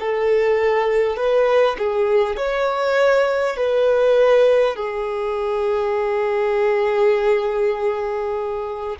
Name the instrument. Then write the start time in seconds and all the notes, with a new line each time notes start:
violin
0.00 A4
1.17 B4
1.78 G#4
2.37 C#5
3.57 B4
4.76 G#4